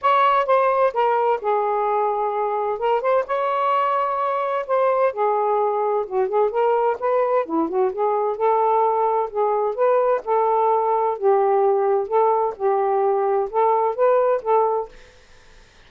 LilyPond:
\new Staff \with { instrumentName = "saxophone" } { \time 4/4 \tempo 4 = 129 cis''4 c''4 ais'4 gis'4~ | gis'2 ais'8 c''8 cis''4~ | cis''2 c''4 gis'4~ | gis'4 fis'8 gis'8 ais'4 b'4 |
e'8 fis'8 gis'4 a'2 | gis'4 b'4 a'2 | g'2 a'4 g'4~ | g'4 a'4 b'4 a'4 | }